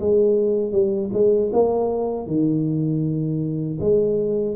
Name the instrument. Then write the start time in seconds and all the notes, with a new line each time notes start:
tuba
0.00 G#3
0.72 G3
1.14 G#3
1.53 A#3
2.27 D#3
3.81 G#3